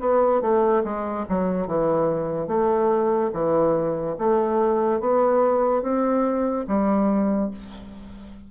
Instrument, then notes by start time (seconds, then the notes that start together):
bassoon
0.00 B3
0.41 A3
0.84 G#3
1.29 F#3
1.67 E3
2.47 A3
3.33 E3
4.18 A3
5.00 B3
5.82 C4
6.67 G3